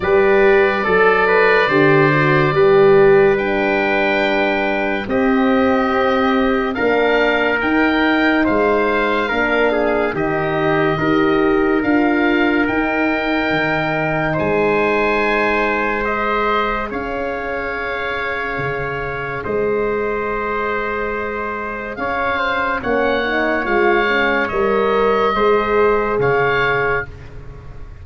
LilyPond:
<<
  \new Staff \with { instrumentName = "oboe" } { \time 4/4 \tempo 4 = 71 d''1 | g''2 dis''2 | f''4 g''4 f''2 | dis''2 f''4 g''4~ |
g''4 gis''2 dis''4 | f''2. dis''4~ | dis''2 f''4 fis''4 | f''4 dis''2 f''4 | }
  \new Staff \with { instrumentName = "trumpet" } { \time 4/4 b'4 a'8 b'8 c''4 b'4~ | b'2 g'2 | ais'2 c''4 ais'8 gis'8 | g'4 ais'2.~ |
ais'4 c''2. | cis''2. c''4~ | c''2 cis''8 c''8 cis''4~ | cis''2 c''4 cis''4 | }
  \new Staff \with { instrumentName = "horn" } { \time 4/4 g'4 a'4 g'8 fis'8 g'4 | d'2 c'2 | d'4 dis'2 d'4 | dis'4 g'4 f'4 dis'4~ |
dis'2. gis'4~ | gis'1~ | gis'2. cis'8 dis'8 | f'8 cis'8 ais'4 gis'2 | }
  \new Staff \with { instrumentName = "tuba" } { \time 4/4 g4 fis4 d4 g4~ | g2 c'2 | ais4 dis'4 gis4 ais4 | dis4 dis'4 d'4 dis'4 |
dis4 gis2. | cis'2 cis4 gis4~ | gis2 cis'4 ais4 | gis4 g4 gis4 cis4 | }
>>